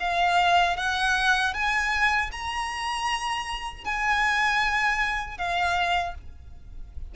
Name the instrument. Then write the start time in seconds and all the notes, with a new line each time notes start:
violin
0.00 F5
0.77 F#5
1.54 G#5
2.32 A#5
3.85 G#5
5.38 F5